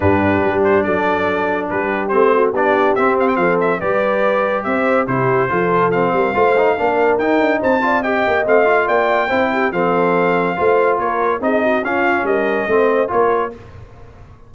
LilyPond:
<<
  \new Staff \with { instrumentName = "trumpet" } { \time 4/4 \tempo 4 = 142 b'4. c''8 d''2 | b'4 c''4 d''4 e''8 f''16 g''16 | f''8 e''8 d''2 e''4 | c''2 f''2~ |
f''4 g''4 a''4 g''4 | f''4 g''2 f''4~ | f''2 cis''4 dis''4 | f''4 dis''2 cis''4 | }
  \new Staff \with { instrumentName = "horn" } { \time 4/4 g'2 a'2 | g'4. fis'8 g'2 | a'4 b'2 c''4 | g'4 a'4. ais'8 c''4 |
ais'2 c''8 d''8 dis''4~ | dis''4 d''4 c''8 g'8 a'4~ | a'4 c''4 ais'4 gis'8 fis'8 | f'4 ais'4 c''4 ais'4 | }
  \new Staff \with { instrumentName = "trombone" } { \time 4/4 d'1~ | d'4 c'4 d'4 c'4~ | c'4 g'2. | e'4 f'4 c'4 f'8 dis'8 |
d'4 dis'4. f'8 g'4 | c'8 f'4. e'4 c'4~ | c'4 f'2 dis'4 | cis'2 c'4 f'4 | }
  \new Staff \with { instrumentName = "tuba" } { \time 4/4 g,4 g4 fis2 | g4 a4 b4 c'4 | f4 g2 c'4 | c4 f4. g8 a4 |
ais4 dis'8 d'8 c'4. ais8 | a4 ais4 c'4 f4~ | f4 a4 ais4 c'4 | cis'4 g4 a4 ais4 | }
>>